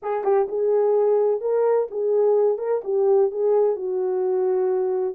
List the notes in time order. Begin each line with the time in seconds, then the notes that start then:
0.02 G#4
0.24 G4
0.48 G#4
1.40 A#4
1.90 G#4
2.58 A#4
2.84 G4
3.31 G#4
3.75 F#4